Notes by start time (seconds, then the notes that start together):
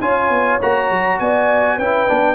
0.00 C#4 F4 C#5 G#5
0.30 B3
0.61 A#3 F#4 A#5
0.90 F#3
1.19 B3 D5 G#5
1.76 C#4 E4 B4 G5
2.08 B3 D4